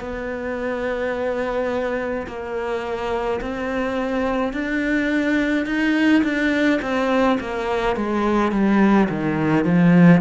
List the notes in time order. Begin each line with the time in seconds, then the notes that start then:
0.00 B3
2.27 A#3
3.41 C4
4.53 D4
5.66 D#4
6.24 D4
6.82 C4
7.40 A#3
7.97 G#3
8.52 G3
9.09 D#3
9.65 F3